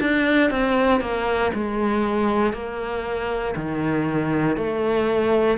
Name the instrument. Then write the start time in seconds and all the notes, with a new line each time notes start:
cello
0.00 D4
0.50 C4
1.00 A#3
1.54 G#3
2.53 A#3
3.55 D#3
4.56 A3